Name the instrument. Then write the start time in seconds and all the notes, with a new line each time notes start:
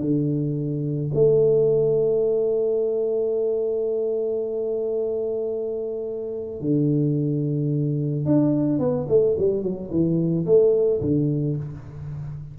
tuba
0.00 D3
1.14 A3
6.60 D3
8.25 D4
8.78 B3
9.08 A3
9.38 G3
9.62 F#3
9.90 E3
10.45 A3
11.01 D3